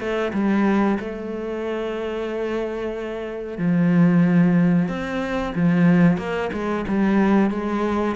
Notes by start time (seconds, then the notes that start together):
0.00 A3
0.33 G3
1.00 A3
3.59 F3
4.89 C4
5.56 F3
6.18 A#3
6.53 G#3
6.89 G3
7.51 G#3